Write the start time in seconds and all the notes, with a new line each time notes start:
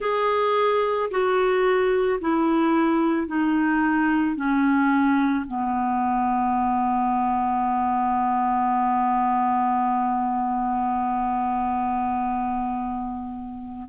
0.00 G#4
1.10 F#4
2.21 E4
3.27 D#4
4.36 C#4
5.47 B3